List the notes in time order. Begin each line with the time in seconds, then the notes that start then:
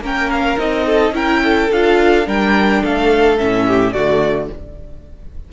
0.00 A#3 C#4 A#4 G5
0.30 F5
0.57 C4 D#4 D#5
0.86 A4
1.11 C#4 E4 A#4 G5
1.43 A4
1.70 D4 F4 F5
2.25 G3 D4 A#4 G5
2.82 A3 A4 F5
3.38 A2 C#4 E5
3.66 G4
3.92 D3 A3 F#4 D5